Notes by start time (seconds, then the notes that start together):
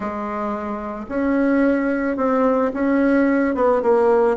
0.00 G#3
1.09 C#4
2.17 C4
2.73 C#4
3.54 B3
3.82 A#3